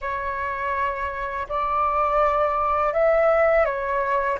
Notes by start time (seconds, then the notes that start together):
0.01 C#5
1.48 D5
2.93 E5
3.65 C#5